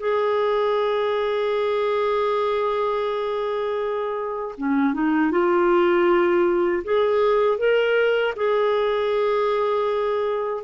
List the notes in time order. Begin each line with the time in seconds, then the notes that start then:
0.00 G#4
4.58 C#4
4.94 D#4
5.32 F4
6.84 G#4
7.58 A#4
8.36 G#4